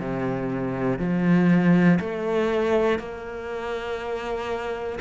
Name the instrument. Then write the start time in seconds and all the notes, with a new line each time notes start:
cello
0.00 C3
1.00 F3
2.00 A3
3.00 A#3